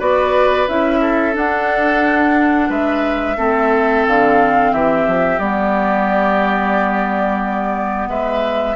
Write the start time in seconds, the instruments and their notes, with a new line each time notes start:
0.00 bassoon B3, clarinet F#4, oboe B4, flute D5
0.69 bassoon C#4, clarinet E4, flute E5
1.01 oboe A4
1.34 clarinet D4, bassoon D4, flute F#5
2.70 bassoon G#3, oboe B4, flute E5
3.38 bassoon A3, clarinet C4, oboe A4
4.07 bassoon D3, flute F5
4.73 bassoon E3, oboe G4, flute E5
5.08 bassoon F3
5.39 bassoon G3, clarinet B3, flute D5
8.09 bassoon G#3, oboe B4, flute E5